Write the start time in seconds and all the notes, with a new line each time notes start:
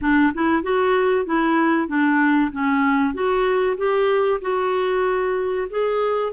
0.01 D4
0.34 E4
0.62 F#4
1.25 E4
1.87 D4
2.51 C#4
3.13 F#4
3.77 G4
4.41 F#4
5.70 G#4